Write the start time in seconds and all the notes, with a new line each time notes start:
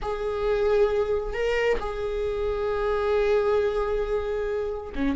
0.02 G#4
1.33 A#4
1.79 G#4
4.95 C#4